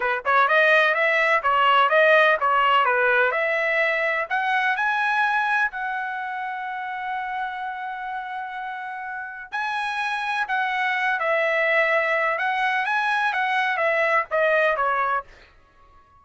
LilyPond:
\new Staff \with { instrumentName = "trumpet" } { \time 4/4 \tempo 4 = 126 b'8 cis''8 dis''4 e''4 cis''4 | dis''4 cis''4 b'4 e''4~ | e''4 fis''4 gis''2 | fis''1~ |
fis''1 | gis''2 fis''4. e''8~ | e''2 fis''4 gis''4 | fis''4 e''4 dis''4 cis''4 | }